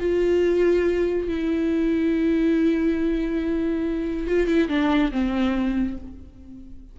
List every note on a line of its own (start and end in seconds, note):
0.00 1.28 F4
1.28 4.27 E4
4.27 4.47 F4
4.47 4.69 E4
4.69 5.11 D4
5.12 5.97 C4